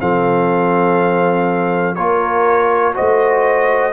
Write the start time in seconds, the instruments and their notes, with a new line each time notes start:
0.00 tuba F3, trombone C4, horn A4, trumpet F5
1.96 tuba A#3, trombone F4, horn A#4, trumpet C#5
2.95 tuba A3, trombone F#4, horn C5, trumpet D#5